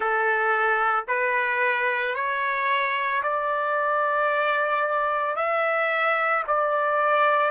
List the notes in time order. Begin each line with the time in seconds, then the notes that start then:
0.00 A4
1.07 B4
2.14 C#5
3.22 D5
5.36 E5
6.47 D5